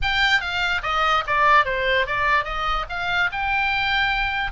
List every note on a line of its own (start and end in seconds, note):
0.02 0.40 G5
0.40 0.81 F5
0.82 1.23 D#5
1.26 1.65 D5
1.65 2.06 C5
2.06 2.44 D5
2.44 2.85 D#5
2.89 3.30 F5
3.32 4.51 G5